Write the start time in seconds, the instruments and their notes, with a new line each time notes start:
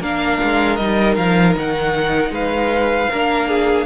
0.00 cello A#3, viola D4, violin A#4 F5
0.43 cello G#3
0.76 cello G3, viola D#4, violin D#5
1.15 cello F3, violin F5
1.57 cello D#3, violin F#5
2.30 cello G#3, violin B4 F5
3.10 cello A#3, viola D4, violin A#4
3.48 violin G#4